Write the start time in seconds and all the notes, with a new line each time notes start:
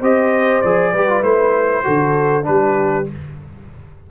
0.00 C4 G4 C5 D#5
0.62 F3 G#4 D5
0.92 G3 G4 B4
1.09 F4
1.22 A3 E4 C5
1.84 D3 F#4 A4
2.43 G3 D4 B4
2.49 G4